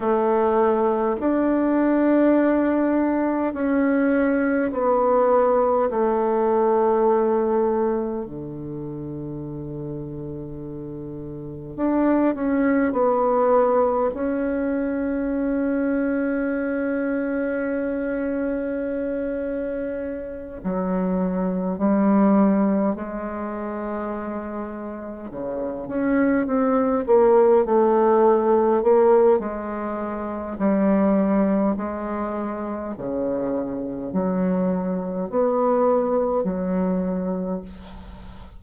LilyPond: \new Staff \with { instrumentName = "bassoon" } { \time 4/4 \tempo 4 = 51 a4 d'2 cis'4 | b4 a2 d4~ | d2 d'8 cis'8 b4 | cis'1~ |
cis'4. fis4 g4 gis8~ | gis4. cis8 cis'8 c'8 ais8 a8~ | a8 ais8 gis4 g4 gis4 | cis4 fis4 b4 fis4 | }